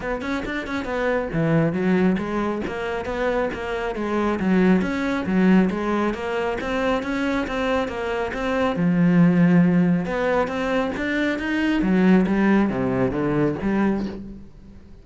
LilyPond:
\new Staff \with { instrumentName = "cello" } { \time 4/4 \tempo 4 = 137 b8 cis'8 d'8 cis'8 b4 e4 | fis4 gis4 ais4 b4 | ais4 gis4 fis4 cis'4 | fis4 gis4 ais4 c'4 |
cis'4 c'4 ais4 c'4 | f2. b4 | c'4 d'4 dis'4 fis4 | g4 c4 d4 g4 | }